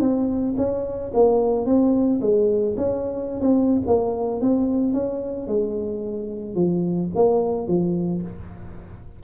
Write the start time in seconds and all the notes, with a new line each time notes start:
0.00 C4
0.57 C#4
1.14 A#3
1.66 C4
2.21 G#3
2.77 C#4
3.41 C4
3.87 A#3
4.41 C4
4.93 C#4
5.47 G#3
6.55 F3
7.15 A#3
7.68 F3